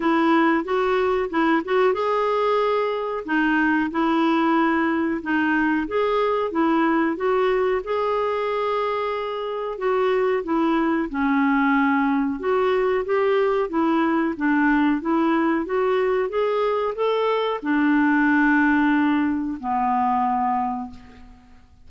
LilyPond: \new Staff \with { instrumentName = "clarinet" } { \time 4/4 \tempo 4 = 92 e'4 fis'4 e'8 fis'8 gis'4~ | gis'4 dis'4 e'2 | dis'4 gis'4 e'4 fis'4 | gis'2. fis'4 |
e'4 cis'2 fis'4 | g'4 e'4 d'4 e'4 | fis'4 gis'4 a'4 d'4~ | d'2 b2 | }